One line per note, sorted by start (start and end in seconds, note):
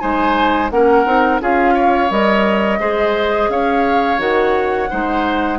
0.00 0.71 G#3
0.00 0.70 D#4
0.00 0.72 C5
0.00 0.70 G#5
0.71 1.06 A#3
0.71 1.06 C#4
0.71 1.42 A#4
0.71 1.41 F#5
1.06 1.41 C4
1.06 1.41 D#4
1.41 2.11 C#4
1.41 2.11 F4
1.41 1.75 G#4
1.41 2.12 F5
1.75 2.79 C#5
2.11 2.80 G3
2.11 2.80 A#4
2.11 3.51 D#5
2.80 3.49 G#3
2.80 4.19 G#4
2.80 3.50 C5
3.49 4.19 C#4
3.49 4.90 C#5
3.49 4.21 F5
4.19 4.89 D#3
4.19 4.88 F#4
4.19 5.59 F#5
4.90 5.59 G#3
4.90 5.59 D#4
4.90 5.59 C5